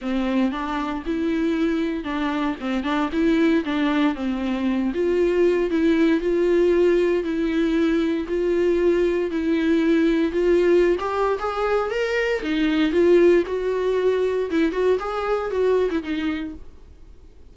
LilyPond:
\new Staff \with { instrumentName = "viola" } { \time 4/4 \tempo 4 = 116 c'4 d'4 e'2 | d'4 c'8 d'8 e'4 d'4 | c'4. f'4. e'4 | f'2 e'2 |
f'2 e'2 | f'4~ f'16 g'8. gis'4 ais'4 | dis'4 f'4 fis'2 | e'8 fis'8 gis'4 fis'8. e'16 dis'4 | }